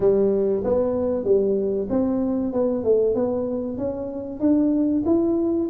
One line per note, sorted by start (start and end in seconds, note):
0.00 0.63 G3
0.63 1.24 B3
1.24 1.87 G3
1.89 2.52 C4
2.52 2.84 B3
2.84 3.14 A3
3.14 3.77 B3
3.77 4.40 C#4
4.40 5.03 D4
5.05 5.68 E4